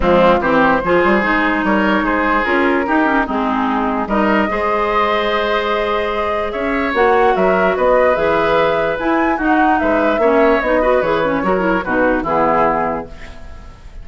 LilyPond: <<
  \new Staff \with { instrumentName = "flute" } { \time 4/4 \tempo 4 = 147 f'4 c''2. | cis''4 c''4 ais'2 | gis'2 dis''2~ | dis''1 |
e''4 fis''4 e''4 dis''4 | e''2 gis''4 fis''4 | e''2 dis''4 cis''4~ | cis''4 b'4 gis'2 | }
  \new Staff \with { instrumentName = "oboe" } { \time 4/4 c'4 g'4 gis'2 | ais'4 gis'2 g'4 | dis'2 ais'4 c''4~ | c''1 |
cis''2 ais'4 b'4~ | b'2. fis'4 | b'4 cis''4. b'4. | ais'4 fis'4 e'2 | }
  \new Staff \with { instrumentName = "clarinet" } { \time 4/4 gis4 c'4 f'4 dis'4~ | dis'2 f'4 dis'8 cis'8 | c'2 dis'4 gis'4~ | gis'1~ |
gis'4 fis'2. | gis'2 e'4 dis'4~ | dis'4 cis'4 dis'8 fis'8 gis'8 cis'8 | fis'8 e'8 dis'4 b2 | }
  \new Staff \with { instrumentName = "bassoon" } { \time 4/4 f4 e4 f8 g8 gis4 | g4 gis4 cis'4 dis'4 | gis2 g4 gis4~ | gis1 |
cis'4 ais4 fis4 b4 | e2 e'4 dis'4 | gis4 ais4 b4 e4 | fis4 b,4 e2 | }
>>